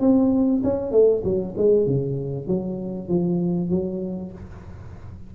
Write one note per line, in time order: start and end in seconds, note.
0.00 0.62 C4
0.64 0.92 C#4
0.92 1.23 A3
1.24 1.55 F#3
1.57 1.86 G#3
1.86 2.47 C#3
2.47 3.08 F#3
3.08 3.70 F3
3.70 4.32 F#3